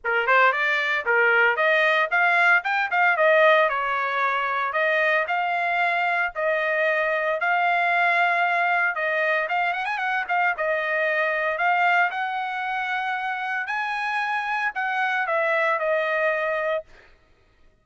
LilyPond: \new Staff \with { instrumentName = "trumpet" } { \time 4/4 \tempo 4 = 114 ais'8 c''8 d''4 ais'4 dis''4 | f''4 g''8 f''8 dis''4 cis''4~ | cis''4 dis''4 f''2 | dis''2 f''2~ |
f''4 dis''4 f''8 fis''16 gis''16 fis''8 f''8 | dis''2 f''4 fis''4~ | fis''2 gis''2 | fis''4 e''4 dis''2 | }